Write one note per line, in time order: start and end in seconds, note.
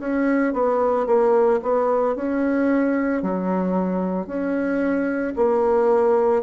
0.00 0.54 C#4
0.54 1.07 B3
1.07 1.60 A#3
1.63 2.16 B3
2.16 3.23 C#4
3.23 4.27 F#3
4.27 5.34 C#4
5.37 6.43 A#3